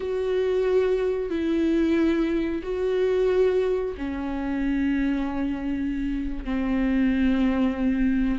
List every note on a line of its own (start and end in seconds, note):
0.00 1.30 F#4
1.30 2.62 E4
2.63 3.94 F#4
3.97 6.44 C#4
6.44 8.39 C4